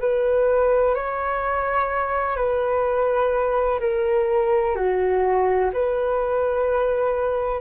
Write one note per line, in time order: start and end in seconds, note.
0.00 0.94 B4
0.94 2.36 C#5
2.36 3.79 B4
3.80 4.75 A#4
4.75 5.71 F#4
5.73 7.61 B4